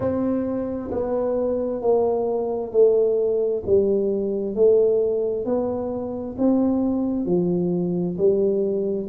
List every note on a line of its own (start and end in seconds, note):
0.00 0.90 C4
0.91 1.81 B3
1.81 2.71 A#3
2.71 3.62 A3
3.66 4.55 G3
4.55 5.45 A3
5.45 6.36 B3
6.38 7.25 C4
7.25 8.16 F3
8.17 9.08 G3